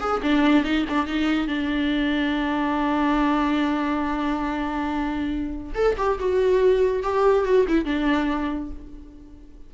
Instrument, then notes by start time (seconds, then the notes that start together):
viola
0.00 G#4
0.23 D4
0.64 D#4
0.89 D4
1.07 D#4
1.48 D4
5.75 A4
5.98 G4
6.19 F#4
7.03 G4
7.45 F#4
7.68 E4
7.85 D4